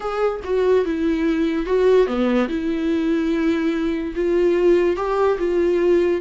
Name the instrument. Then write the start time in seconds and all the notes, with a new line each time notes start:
viola
0.00 G#4
0.43 F#4
0.85 E4
1.66 F#4
2.06 B3
2.48 E4
4.15 F4
4.96 G4
5.38 F4